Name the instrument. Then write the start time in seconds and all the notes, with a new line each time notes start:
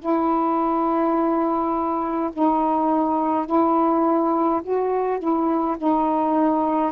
saxophone
0.00 E4
2.33 D#4
3.46 E4
4.63 F#4
5.19 E4
5.78 D#4